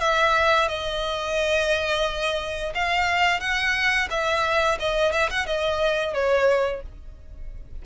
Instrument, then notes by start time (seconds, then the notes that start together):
violin
0.00 E5
0.68 D#5
2.74 F5
3.40 F#5
4.10 E5
4.79 D#5
5.12 E5
5.30 F#5
5.46 D#5
6.14 C#5